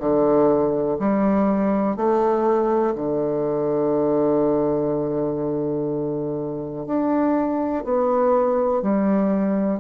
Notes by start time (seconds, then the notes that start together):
0.00 D3
1.00 G3
1.97 A3
2.96 D3
6.87 D4
7.84 B3
8.82 G3